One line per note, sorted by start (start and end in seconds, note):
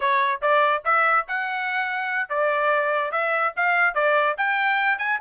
0.00 0.41 C#5
0.41 0.83 D5
0.84 1.26 E5
1.28 2.29 F#5
2.29 3.11 D5
3.11 3.53 E5
3.56 3.94 F5
3.94 4.35 D5
4.37 4.98 G5
4.98 5.19 G#5